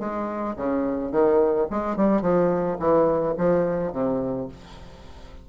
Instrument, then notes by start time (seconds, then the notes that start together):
bassoon
0.00 G#3
0.57 C#3
1.12 D#3
1.71 G#3
1.97 G3
2.22 F3
2.80 E3
3.38 F3
3.93 C3